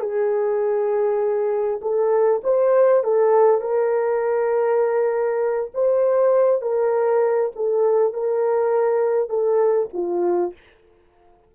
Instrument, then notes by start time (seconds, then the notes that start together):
horn
0.00 G#4
1.82 A4
2.44 C5
3.03 A4
3.61 A#4
5.74 C5
6.61 A#4
7.55 A4
8.13 A#4
9.29 A4
9.93 F4